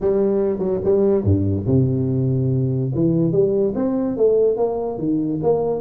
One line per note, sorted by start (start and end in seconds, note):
0.00 0.58 G3
0.58 0.79 F#3
0.84 1.23 G3
1.23 1.65 G2
1.66 2.91 C3
2.95 3.32 E3
3.32 3.73 G3
3.75 4.16 C4
4.16 4.57 A3
4.57 4.98 A#3
4.98 5.40 D#3
5.42 5.80 A#3